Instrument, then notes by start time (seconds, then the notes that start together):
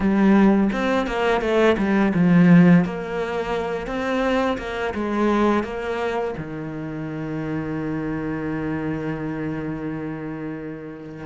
cello
0.00 G3
0.72 C4
1.06 A#3
1.41 A3
1.77 G3
2.14 F3
2.84 A#3
3.86 C4
4.58 A#3
4.94 G#3
5.63 A#3
6.37 D#3